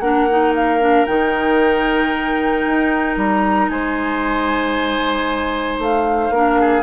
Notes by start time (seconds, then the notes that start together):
0.00 A#3 D4 A#4 F#5
0.29 D#4
0.55 F5
0.80 D4
1.06 D#3 D#4 G5
2.65 D#4
3.16 G3 A#5
3.69 G#3 C5 G#5
5.79 A3 F5
6.30 A#3 D4 A#4
6.60 G#4